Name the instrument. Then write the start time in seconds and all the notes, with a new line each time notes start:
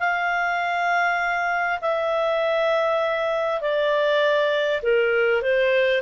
clarinet
0.00 F5
1.82 E5
3.62 D5
4.83 A#4
5.42 C5